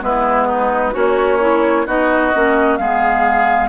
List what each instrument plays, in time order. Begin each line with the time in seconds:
0.00 bassoon G#3, clarinet B3, oboe E4, flute B4
0.47 oboe D#4
0.91 bassoon A#3, oboe C#4, clarinet F#4, flute C#5
1.40 clarinet E4
1.86 bassoon B3, clarinet D#4, oboe F#4, flute D#5
2.33 bassoon A#3, clarinet C#4
2.77 bassoon G#3, clarinet B3, oboe G#4, flute F5